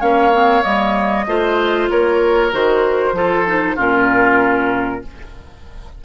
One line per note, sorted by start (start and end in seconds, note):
0.00 0.64 A#3
0.00 0.32 C#4
0.00 1.25 C#5
0.00 0.63 F5
0.32 0.62 C4
0.62 1.27 G3
0.62 1.25 A#3
0.62 1.88 D#5
1.27 1.89 A3
1.27 2.51 F4
1.27 1.90 C5
1.90 2.52 A#3
1.90 3.15 A#4
1.90 2.52 C#5
2.51 3.12 D#3
2.51 3.14 F#4
2.51 3.78 C5
3.12 3.74 F3
3.12 3.45 F4
3.12 3.75 A4
3.46 3.77 D#4
3.75 5.03 A#2
3.75 5.02 C#4
3.75 5.00 F4
3.75 5.04 A#4